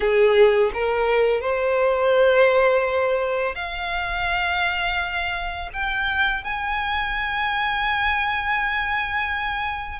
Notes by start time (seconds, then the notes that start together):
0.00 G#4
0.73 A#4
1.41 C5
3.55 F5
5.73 G5
6.44 G#5